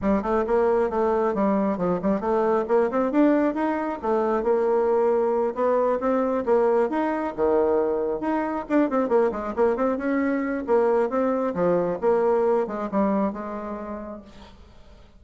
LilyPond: \new Staff \with { instrumentName = "bassoon" } { \time 4/4 \tempo 4 = 135 g8 a8 ais4 a4 g4 | f8 g8 a4 ais8 c'8 d'4 | dis'4 a4 ais2~ | ais8 b4 c'4 ais4 dis'8~ |
dis'8 dis2 dis'4 d'8 | c'8 ais8 gis8 ais8 c'8 cis'4. | ais4 c'4 f4 ais4~ | ais8 gis8 g4 gis2 | }